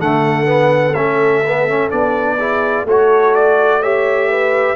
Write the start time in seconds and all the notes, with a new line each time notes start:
0.00 D3 A3 A4 F#5
0.47 B3
0.94 A3 C#4 E5
1.48 B3
1.69 C#4
1.91 B3 D4 D5
2.39 E4 G#4
2.84 A3 F#4 A4 C#5
3.35 D5
3.81 G4 C#5 E5
4.29 B4